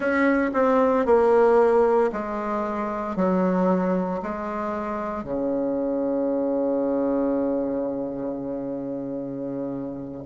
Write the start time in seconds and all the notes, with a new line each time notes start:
0.00 C#4
0.53 C4
1.05 A#3
2.12 G#3
3.16 F#3
4.22 G#3
5.23 C#3